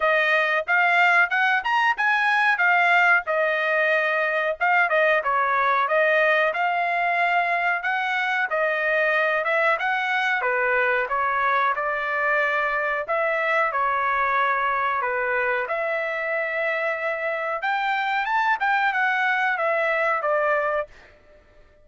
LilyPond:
\new Staff \with { instrumentName = "trumpet" } { \time 4/4 \tempo 4 = 92 dis''4 f''4 fis''8 ais''8 gis''4 | f''4 dis''2 f''8 dis''8 | cis''4 dis''4 f''2 | fis''4 dis''4. e''8 fis''4 |
b'4 cis''4 d''2 | e''4 cis''2 b'4 | e''2. g''4 | a''8 g''8 fis''4 e''4 d''4 | }